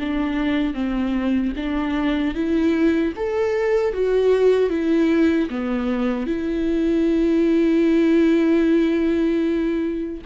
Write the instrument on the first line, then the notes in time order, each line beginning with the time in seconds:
viola
0.00 D4
0.74 C4
1.57 D4
2.35 E4
3.17 A4
3.94 F#4
4.70 E4
5.50 B3
6.27 E4